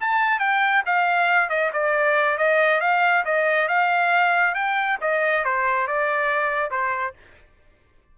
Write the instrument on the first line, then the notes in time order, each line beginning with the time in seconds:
trumpet
0.00 A5
0.39 G5
0.85 F5
1.49 D#5
1.73 D5
2.38 D#5
2.80 F5
3.25 D#5
3.68 F5
4.55 G5
5.01 D#5
5.44 C5
5.87 D5
6.70 C5